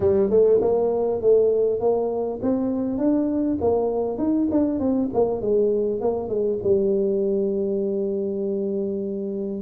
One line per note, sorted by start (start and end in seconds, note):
0.00 0.29 G3
0.29 0.59 A3
0.61 1.21 A#3
1.21 1.80 A3
1.80 2.40 A#3
2.42 2.98 C4
2.98 3.58 D4
3.61 4.18 A#3
4.18 4.48 D#4
4.51 4.79 D4
4.79 5.09 C4
5.13 5.41 A#3
5.41 6.01 G#3
6.01 6.28 A#3
6.28 6.58 G#3
6.63 9.62 G3